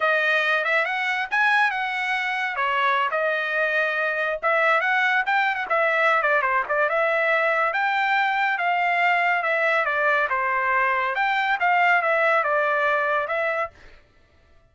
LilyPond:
\new Staff \with { instrumentName = "trumpet" } { \time 4/4 \tempo 4 = 140 dis''4. e''8 fis''4 gis''4 | fis''2 cis''4~ cis''16 dis''8.~ | dis''2~ dis''16 e''4 fis''8.~ | fis''16 g''8. fis''16 e''4~ e''16 d''8 c''8 d''8 |
e''2 g''2 | f''2 e''4 d''4 | c''2 g''4 f''4 | e''4 d''2 e''4 | }